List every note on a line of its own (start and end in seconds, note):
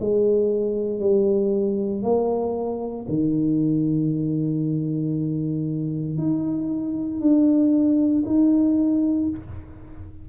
0.00 1.00 G#3
1.00 2.02 G3
2.02 3.06 A#3
3.08 6.18 D#3
6.18 7.20 D#4
7.20 8.24 D4
8.26 9.29 D#4